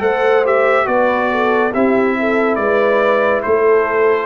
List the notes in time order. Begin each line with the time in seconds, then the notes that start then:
0.00 A3 A4 C5 F#5
0.45 G4 E5
0.85 B3 F#4 B4 D5
1.31 A4
1.73 C4 E4 G4 E5
2.19 A4
2.56 G#3 B4 D5
3.43 A3 A4 C5